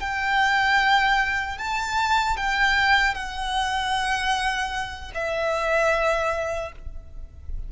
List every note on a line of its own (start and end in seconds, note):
0.00 1.58 G5
1.58 2.37 A5
2.37 3.14 G5
3.14 5.12 F#5
5.14 6.72 E5